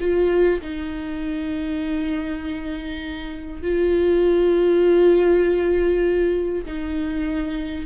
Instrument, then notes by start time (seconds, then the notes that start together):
viola
0.00 F4
0.61 D#4
3.62 F4
6.65 D#4